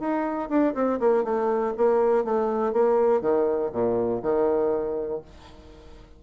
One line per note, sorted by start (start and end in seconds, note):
0.00 0.50 D#4
0.50 0.74 D4
0.75 0.99 C4
1.00 1.24 A#3
1.24 1.74 A3
1.77 2.25 A#3
2.25 2.73 A3
2.73 3.22 A#3
3.22 3.71 D#3
3.73 4.22 A#2
4.23 5.22 D#3